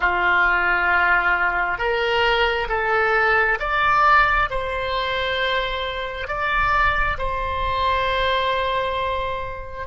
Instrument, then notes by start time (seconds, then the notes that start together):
oboe
0.00 F4
1.78 A#4
2.69 A4
3.59 D5
4.50 C5
6.27 D5
7.18 C5